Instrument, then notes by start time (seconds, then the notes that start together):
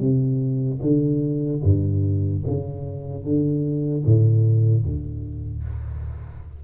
tuba
0.00 C3
0.82 D3
1.63 G2
2.46 C#3
3.24 D3
4.05 A2
4.84 D2